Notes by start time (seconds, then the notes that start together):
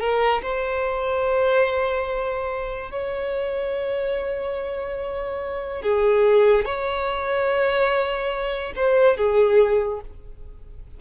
0.00 A#4
0.42 C5
2.91 C#5
5.82 G#4
6.65 C#5
8.76 C5
9.17 G#4